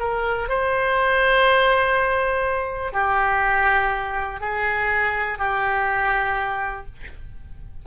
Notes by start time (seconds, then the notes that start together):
0.00 A#4
0.49 C5
2.93 G4
4.40 G#4
5.39 G4